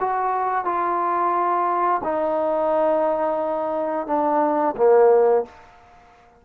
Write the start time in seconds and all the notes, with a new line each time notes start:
0.00 F#4
0.65 F4
2.03 D#4
4.07 D4
4.77 A#3